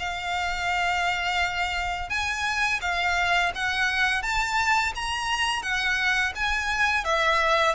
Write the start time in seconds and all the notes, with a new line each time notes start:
0.00 F5
2.10 G#5
2.82 F5
3.56 F#5
4.23 A5
4.96 A#5
5.63 F#5
6.36 G#5
7.05 E5